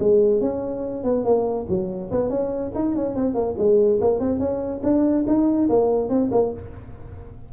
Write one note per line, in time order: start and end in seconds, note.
0.00 0.41 G#3
0.41 1.04 C#4
1.04 1.25 B3
1.25 1.66 A#3
1.69 2.11 F#3
2.11 2.30 B3
2.30 2.72 C#4
2.75 2.96 D#4
2.96 3.15 C#4
3.15 3.35 C4
3.35 3.55 A#3
3.58 4.00 G#3
4.01 4.20 A#3
4.20 4.40 C4
4.40 4.82 C#4
4.83 5.25 D4
5.27 5.69 D#4
5.69 6.10 A#3
6.10 6.31 C4
6.32 6.53 A#3